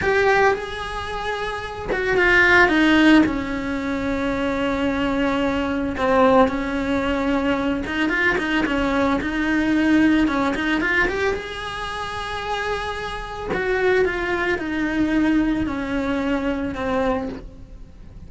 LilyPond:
\new Staff \with { instrumentName = "cello" } { \time 4/4 \tempo 4 = 111 g'4 gis'2~ gis'8 fis'8 | f'4 dis'4 cis'2~ | cis'2. c'4 | cis'2~ cis'8 dis'8 f'8 dis'8 |
cis'4 dis'2 cis'8 dis'8 | f'8 g'8 gis'2.~ | gis'4 fis'4 f'4 dis'4~ | dis'4 cis'2 c'4 | }